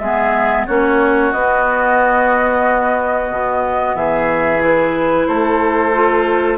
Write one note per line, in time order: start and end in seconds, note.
0.00 0.66 G#3
0.00 0.68 B3
0.00 0.67 G#4
0.00 0.66 E5
0.67 1.33 A#3
0.67 1.34 C#4
0.67 3.97 F#4
0.67 1.32 C#5
1.32 3.30 B3
1.32 4.60 B3
1.32 3.96 D#5
3.30 3.95 B2
3.95 5.27 E3
3.95 5.28 G#4
3.95 4.62 E5
4.60 5.92 E4
4.60 5.27 B4
5.27 6.59 A3
5.27 6.59 A4
5.27 6.59 C5
5.93 6.59 F4